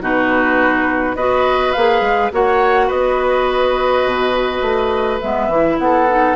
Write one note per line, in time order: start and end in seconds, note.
0.00 1.15 B2
0.00 1.16 D#4
0.00 1.16 F#4
0.00 1.15 B4
1.15 1.72 B3
1.15 1.75 F#4
1.15 2.31 B4
1.15 1.72 D#5
1.72 2.00 A#3
1.72 2.31 G#4
1.72 2.30 F5
2.00 2.29 G#3
2.31 2.90 A#3
2.31 5.20 F#4
2.31 2.87 C#5
2.31 2.89 F#5
2.87 4.05 B3
2.87 5.75 B4
2.87 5.20 D#5
4.05 4.61 B2
4.61 5.19 A3
5.20 5.48 G#3
5.20 5.50 B3
5.20 5.78 E5
5.48 5.76 E3
5.48 6.07 E4
5.78 6.35 B3
5.78 6.35 A4
5.78 6.35 F#5
6.09 6.35 D#4